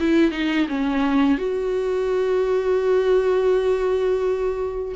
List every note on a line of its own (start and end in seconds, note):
0.00 0.32 E4
0.32 0.68 D#4
0.69 1.39 C#4
1.39 4.96 F#4